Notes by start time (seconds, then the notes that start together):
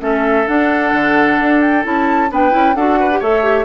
0.00 A3 C#4 A4 E5
0.47 D4 F#5
0.93 D3
1.40 D4
1.61 G5
1.83 C#4 E4 A5
2.30 B3 D4 B4 G5
2.51 C#4 E4
2.75 D4 F#4 A4 F#5
3.00 B4
3.12 G4
3.20 A3 A4 C#5 E5
3.43 G4